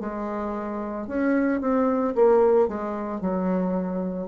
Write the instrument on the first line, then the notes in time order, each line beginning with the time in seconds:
bassoon
0.00 G#3
1.07 C#4
1.61 C4
2.15 A#3
2.68 G#3
3.21 F#3